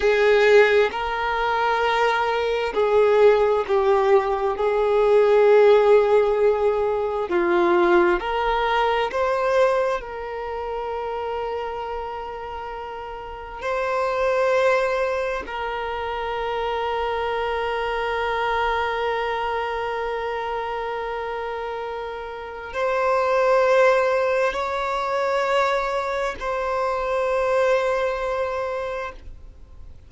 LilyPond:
\new Staff \with { instrumentName = "violin" } { \time 4/4 \tempo 4 = 66 gis'4 ais'2 gis'4 | g'4 gis'2. | f'4 ais'4 c''4 ais'4~ | ais'2. c''4~ |
c''4 ais'2.~ | ais'1~ | ais'4 c''2 cis''4~ | cis''4 c''2. | }